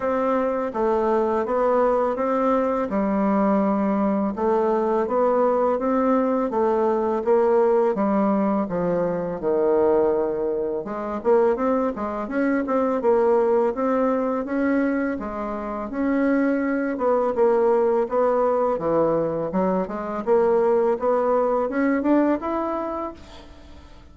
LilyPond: \new Staff \with { instrumentName = "bassoon" } { \time 4/4 \tempo 4 = 83 c'4 a4 b4 c'4 | g2 a4 b4 | c'4 a4 ais4 g4 | f4 dis2 gis8 ais8 |
c'8 gis8 cis'8 c'8 ais4 c'4 | cis'4 gis4 cis'4. b8 | ais4 b4 e4 fis8 gis8 | ais4 b4 cis'8 d'8 e'4 | }